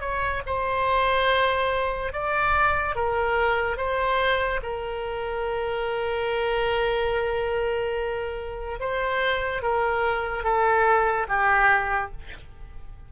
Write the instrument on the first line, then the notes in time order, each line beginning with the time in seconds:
oboe
0.00 C#5
0.46 C5
2.13 D5
2.95 A#4
3.77 C5
4.62 A#4
8.80 C5
9.62 A#4
10.44 A4
11.28 G4